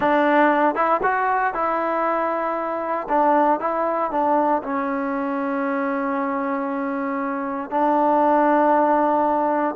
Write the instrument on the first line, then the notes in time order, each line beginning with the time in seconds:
trombone
0.00 D4
0.75 E4
1.03 F#4
1.54 E4
3.08 D4
3.59 E4
4.11 D4
4.63 C#4
7.70 D4